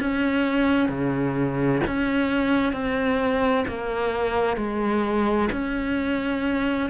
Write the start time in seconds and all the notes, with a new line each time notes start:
0.00 C#4
0.89 C#3
1.87 C#4
2.73 C4
3.68 A#3
4.57 G#3
5.52 C#4